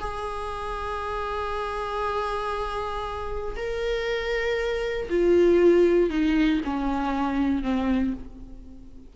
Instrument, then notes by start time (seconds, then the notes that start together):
viola
0.00 G#4
3.56 A#4
5.10 F4
6.10 D#4
6.64 C#4
7.63 C4